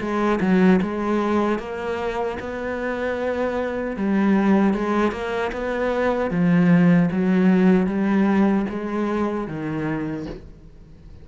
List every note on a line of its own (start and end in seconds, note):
0.00 0.39 G#3
0.41 0.80 F#3
0.82 1.59 G#3
1.59 2.38 A#3
2.40 3.97 B3
3.97 4.74 G3
4.74 5.12 G#3
5.12 5.51 A#3
5.52 6.31 B3
6.31 7.09 F3
7.12 7.87 F#3
7.87 8.66 G3
8.69 9.47 G#3
9.47 10.26 D#3